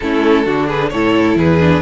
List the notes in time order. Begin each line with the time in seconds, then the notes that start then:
0.00 A3 C#4 E4 A4
0.44 D3 D4 F#4
0.66 G#4 B4
0.89 A2 E4 A4 C#5
1.36 E2 G#4 B4
1.60 D4